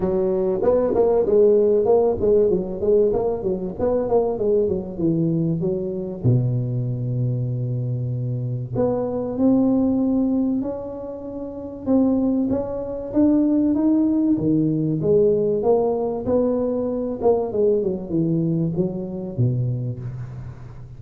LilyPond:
\new Staff \with { instrumentName = "tuba" } { \time 4/4 \tempo 4 = 96 fis4 b8 ais8 gis4 ais8 gis8 | fis8 gis8 ais8 fis8 b8 ais8 gis8 fis8 | e4 fis4 b,2~ | b,2 b4 c'4~ |
c'4 cis'2 c'4 | cis'4 d'4 dis'4 dis4 | gis4 ais4 b4. ais8 | gis8 fis8 e4 fis4 b,4 | }